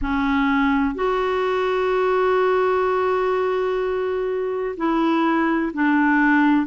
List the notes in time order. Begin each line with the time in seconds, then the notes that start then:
0.01 C#4
0.94 F#4
4.76 E4
5.73 D4